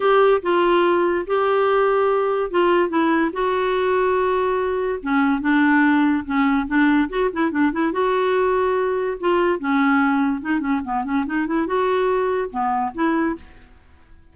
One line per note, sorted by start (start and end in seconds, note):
0.00 0.41 G4
0.42 1.25 F4
1.26 2.50 G4
2.50 2.89 F4
2.89 3.30 E4
3.32 4.99 F#4
5.02 5.41 C#4
5.41 6.24 D4
6.25 6.67 C#4
6.67 7.08 D4
7.09 7.30 F#4
7.32 7.51 E4
7.51 7.72 D4
7.72 7.92 E4
7.92 9.17 F#4
9.20 9.59 F4
9.59 10.41 C#4
10.41 10.60 D#4
10.60 10.80 C#4
10.83 11.04 B3
11.04 11.25 C#4
11.26 11.46 D#4
11.46 11.66 E4
11.66 12.50 F#4
12.50 12.92 B3
12.94 13.35 E4